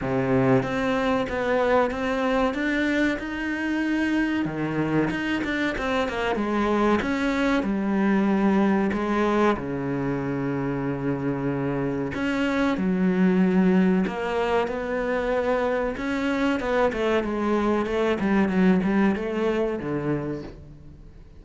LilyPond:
\new Staff \with { instrumentName = "cello" } { \time 4/4 \tempo 4 = 94 c4 c'4 b4 c'4 | d'4 dis'2 dis4 | dis'8 d'8 c'8 ais8 gis4 cis'4 | g2 gis4 cis4~ |
cis2. cis'4 | fis2 ais4 b4~ | b4 cis'4 b8 a8 gis4 | a8 g8 fis8 g8 a4 d4 | }